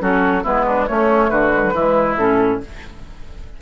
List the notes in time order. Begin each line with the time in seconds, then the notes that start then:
0.00 F#3 C#4 F#4 A4
0.43 G#3 B3 E4 B4
0.67 D4
0.87 A3 C#4 C#5
1.30 D3 F#4 B4
1.53 G#3
1.64 F#3
1.74 E3 G#3 E4
2.18 A2 C#4 A4